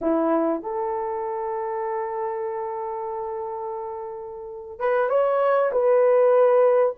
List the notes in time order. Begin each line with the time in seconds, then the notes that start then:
0.01 E4
0.62 A4
4.79 B4
5.09 C#5
5.72 B4